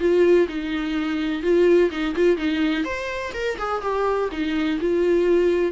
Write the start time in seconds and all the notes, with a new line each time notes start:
0.00 F4
0.49 D#4
1.43 F4
1.91 D#4
2.16 F4
2.37 D#4
2.85 C5
3.34 A#4
3.59 G#4
3.82 G4
4.32 D#4
4.81 F4